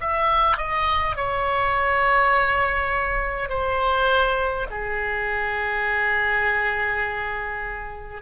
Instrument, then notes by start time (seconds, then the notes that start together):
oboe
0.00 E5
0.57 D#5
1.16 C#5
3.49 C5
4.71 G#4